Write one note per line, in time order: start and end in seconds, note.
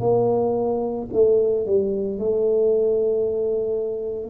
0.00 1.07 A#3
1.12 1.66 A3
1.66 2.19 G3
2.19 4.30 A3